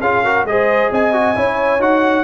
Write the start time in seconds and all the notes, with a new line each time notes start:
0.00 C#4 F4 G#4 F5
0.24 F#4 A#4
0.44 G#3 G#4 C5 D#5
0.91 C4 D#5 G#5
1.12 F#4
1.35 C#4 E4 C#5
1.79 D#4 F#4 F#5